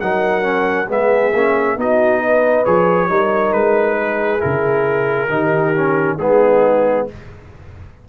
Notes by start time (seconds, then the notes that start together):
0.00 F#3 D#4 A#4 F#5
0.42 C#4
0.88 G#3 B3 G#4 E5
1.33 A#3 C#4
1.76 B3 D#4 F#4 D#5
2.21 B4
2.65 F3 G#4 C#5
3.09 G3 D#4 A#4
3.52 G#3 B4
3.97 G#4
4.39 C#3 E4 A#4
5.29 D#3 D#4 G4
5.74 C#4
6.17 G#3 B3 D#4 G#4